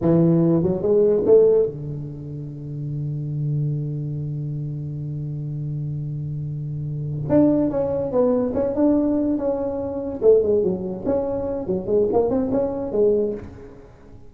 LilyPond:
\new Staff \with { instrumentName = "tuba" } { \time 4/4 \tempo 4 = 144 e4. fis8 gis4 a4 | d1~ | d1~ | d1~ |
d4. d'4 cis'4 b8~ | b8 cis'8 d'4. cis'4.~ | cis'8 a8 gis8 fis4 cis'4. | fis8 gis8 ais8 c'8 cis'4 gis4 | }